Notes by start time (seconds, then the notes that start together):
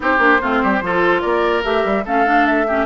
0.00 C4 D#4 G4 C5
0.18 A#3 D4
0.41 A3 C4 F4
0.62 G3 G4
0.81 F3 F4 A4
1.21 A#3 A#4 D5
1.63 A3 G4 E5
1.84 G3
2.05 A3 C#4 A4 F5
2.25 D4
2.46 E5
2.67 C#4 G4